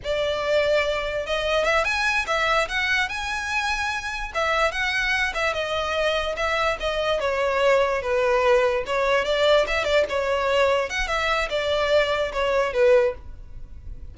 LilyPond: \new Staff \with { instrumentName = "violin" } { \time 4/4 \tempo 4 = 146 d''2. dis''4 | e''8 gis''4 e''4 fis''4 gis''8~ | gis''2~ gis''8 e''4 fis''8~ | fis''4 e''8 dis''2 e''8~ |
e''8 dis''4 cis''2 b'8~ | b'4. cis''4 d''4 e''8 | d''8 cis''2 fis''8 e''4 | d''2 cis''4 b'4 | }